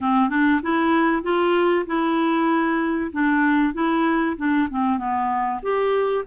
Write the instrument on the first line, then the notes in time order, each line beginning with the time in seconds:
clarinet
0.00 C4
0.29 D4
0.62 E4
1.22 F4
1.86 E4
3.12 D4
3.73 E4
4.37 D4
4.70 C4
4.97 B3
5.62 G4